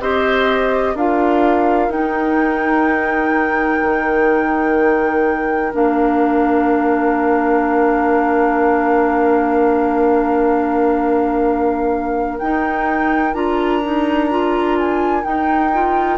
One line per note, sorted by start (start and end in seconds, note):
0.00 0.95 C4
0.00 0.96 G4
0.00 0.94 C5
0.00 0.97 D#5
0.94 1.89 D4
0.94 1.91 F4
0.94 16.18 A#4
0.94 1.92 F5
1.89 3.79 D#4
1.89 5.72 D#4
1.89 5.73 G5
3.83 5.73 D#3
5.72 12.41 A#3
5.72 12.38 D4
5.72 12.39 F5
12.39 13.34 D#4
12.39 13.34 G5
13.34 15.24 D4
13.34 13.82 F4
13.34 14.77 A#5
13.83 14.30 D#4
14.30 15.22 F4
14.78 15.24 G#5
15.22 15.70 D#4
15.22 16.18 D#4
15.22 16.18 G5
15.73 16.18 F4